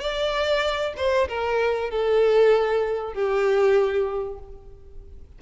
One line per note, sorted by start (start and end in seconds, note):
0.00 0.94 D5
0.97 1.28 C5
1.29 1.90 A#4
1.90 3.14 A4
3.14 4.39 G4